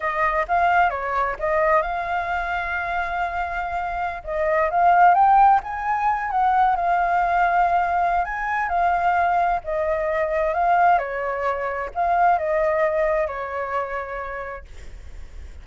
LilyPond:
\new Staff \with { instrumentName = "flute" } { \time 4/4 \tempo 4 = 131 dis''4 f''4 cis''4 dis''4 | f''1~ | f''4~ f''16 dis''4 f''4 g''8.~ | g''16 gis''4. fis''4 f''4~ f''16~ |
f''2 gis''4 f''4~ | f''4 dis''2 f''4 | cis''2 f''4 dis''4~ | dis''4 cis''2. | }